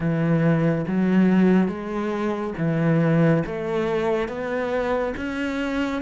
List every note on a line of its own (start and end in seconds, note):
0.00 0.85 E3
0.87 1.68 F#3
1.68 2.53 G#3
2.57 3.43 E3
3.46 4.28 A3
4.28 5.14 B3
5.16 6.02 C#4